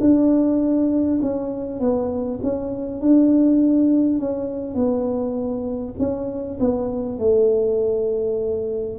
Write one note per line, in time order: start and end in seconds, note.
0.00 1.20 D4
1.22 1.80 C#4
1.80 2.40 B3
2.42 3.01 C#4
3.01 4.19 D4
4.19 4.75 C#4
4.75 5.95 B3
5.99 6.59 C#4
6.60 7.19 B3
7.19 8.99 A3